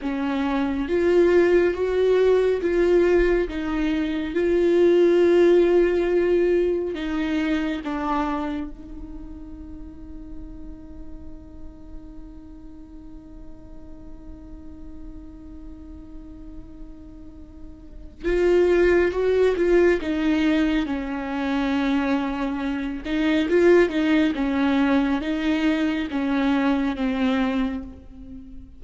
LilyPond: \new Staff \with { instrumentName = "viola" } { \time 4/4 \tempo 4 = 69 cis'4 f'4 fis'4 f'4 | dis'4 f'2. | dis'4 d'4 dis'2~ | dis'1~ |
dis'1~ | dis'4 f'4 fis'8 f'8 dis'4 | cis'2~ cis'8 dis'8 f'8 dis'8 | cis'4 dis'4 cis'4 c'4 | }